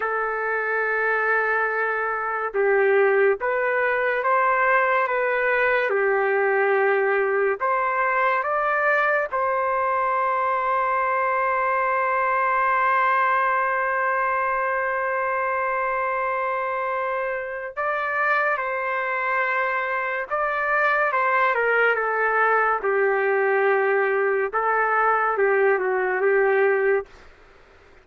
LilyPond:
\new Staff \with { instrumentName = "trumpet" } { \time 4/4 \tempo 4 = 71 a'2. g'4 | b'4 c''4 b'4 g'4~ | g'4 c''4 d''4 c''4~ | c''1~ |
c''1~ | c''4 d''4 c''2 | d''4 c''8 ais'8 a'4 g'4~ | g'4 a'4 g'8 fis'8 g'4 | }